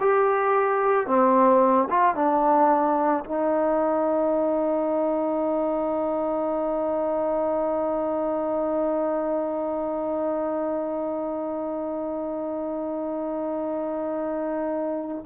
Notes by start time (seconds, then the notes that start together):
0.00 G4
1.07 C4
1.90 F4
2.15 D4
3.25 D#4